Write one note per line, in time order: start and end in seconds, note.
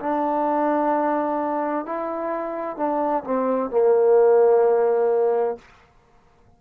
0.00 1.85 D4
1.85 2.77 E4
2.77 3.24 D4
3.24 3.71 C4
3.71 5.58 A#3